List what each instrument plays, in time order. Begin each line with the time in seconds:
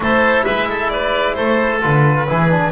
0.00 double bass A3, trombone E4, oboe A4, violin C5
0.44 double bass G#3, oboe B4, violin E5
0.68 oboe A4
0.89 oboe B4, violin D5
1.34 double bass A3, oboe A4, violin C5
1.81 double bass D3, trombone F4, violin B4
2.28 double bass E3, trombone E4, oboe G#4
2.49 trombone D4